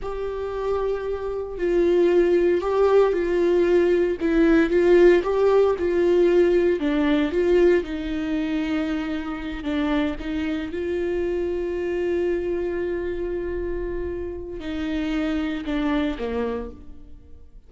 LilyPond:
\new Staff \with { instrumentName = "viola" } { \time 4/4 \tempo 4 = 115 g'2. f'4~ | f'4 g'4 f'2 | e'4 f'4 g'4 f'4~ | f'4 d'4 f'4 dis'4~ |
dis'2~ dis'8 d'4 dis'8~ | dis'8 f'2.~ f'8~ | f'1 | dis'2 d'4 ais4 | }